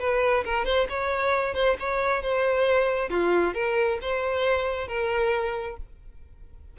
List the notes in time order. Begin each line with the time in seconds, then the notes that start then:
0.00 B4
0.45 A#4
0.65 C5
0.89 C#5
1.55 C5
1.80 C#5
2.23 C5
3.10 F4
3.55 A#4
4.02 C5
4.88 A#4